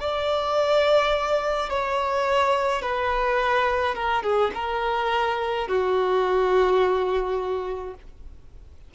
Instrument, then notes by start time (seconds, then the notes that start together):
violin
0.00 D5
1.69 C#5
2.82 B4
3.95 A#4
4.22 G#4
4.54 A#4
5.68 F#4